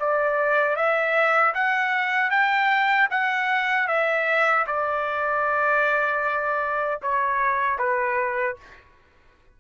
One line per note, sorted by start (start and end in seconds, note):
0.00 0.77 D5
0.77 1.54 E5
1.55 2.31 F#5
2.31 3.09 G5
3.11 3.88 F#5
3.88 4.66 E5
4.68 7.01 D5
7.03 7.79 C#5
7.79 8.57 B4